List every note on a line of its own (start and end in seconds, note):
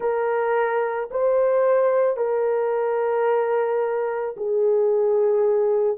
0.00 1.09 A#4
1.10 2.17 C5
2.17 4.35 A#4
4.36 5.97 G#4